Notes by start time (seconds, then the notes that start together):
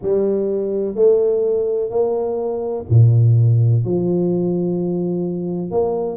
0.02 G3
0.95 A3
1.90 A#3
2.89 A#2
3.84 F3
5.71 A#3